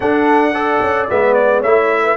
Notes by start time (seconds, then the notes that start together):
0.00 D4 A4 F#5
0.53 A4 D5
0.81 C#4
1.09 G#3 B3 E5
1.33 D5
1.59 A3 E4 C#5 E5
2.02 B4